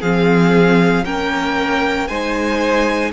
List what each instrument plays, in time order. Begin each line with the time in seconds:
0.00 cello F3, viola C4, violin G#4 F5
1.04 cello A#3, viola C#4, violin A#4 G5
2.07 cello G#3, viola D#4, violin C5 G#5